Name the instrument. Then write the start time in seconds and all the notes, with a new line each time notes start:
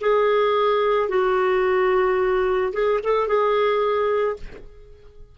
clarinet
0.00 G#4
1.09 F#4
2.73 G#4
3.03 A4
3.27 G#4